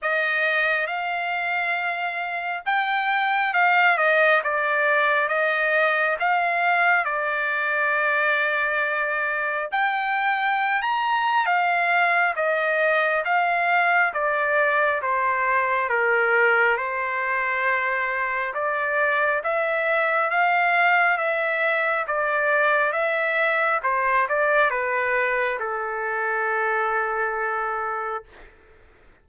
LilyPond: \new Staff \with { instrumentName = "trumpet" } { \time 4/4 \tempo 4 = 68 dis''4 f''2 g''4 | f''8 dis''8 d''4 dis''4 f''4 | d''2. g''4~ | g''16 ais''8. f''4 dis''4 f''4 |
d''4 c''4 ais'4 c''4~ | c''4 d''4 e''4 f''4 | e''4 d''4 e''4 c''8 d''8 | b'4 a'2. | }